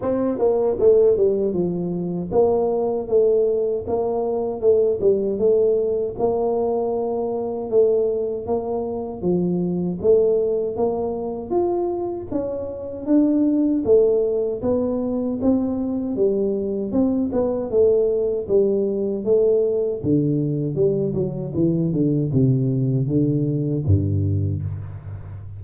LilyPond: \new Staff \with { instrumentName = "tuba" } { \time 4/4 \tempo 4 = 78 c'8 ais8 a8 g8 f4 ais4 | a4 ais4 a8 g8 a4 | ais2 a4 ais4 | f4 a4 ais4 f'4 |
cis'4 d'4 a4 b4 | c'4 g4 c'8 b8 a4 | g4 a4 d4 g8 fis8 | e8 d8 c4 d4 g,4 | }